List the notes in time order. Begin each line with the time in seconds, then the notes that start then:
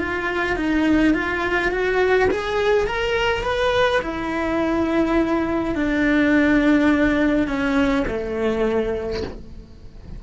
0.00 F4
0.57 D#4
1.14 F4
1.72 F#4
2.31 G#4
2.87 A#4
3.44 B4
4.02 E4
5.75 D4
7.48 C#4
8.08 A3